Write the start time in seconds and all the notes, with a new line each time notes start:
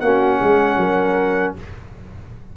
0.00 A#3 C#4 F#4 F#5
0.40 G#3 G#4
0.77 F#3 A#4